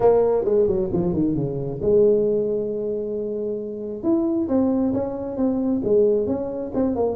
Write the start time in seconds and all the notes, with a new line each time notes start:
0.00 A#3
0.44 G#3
0.67 F#3
0.92 F3
1.13 D#3
1.35 C#3
1.81 G#3
4.03 E4
4.48 C4
4.93 C#4
5.36 C4
5.84 G#3
6.26 C#4
6.74 C4
6.95 A#3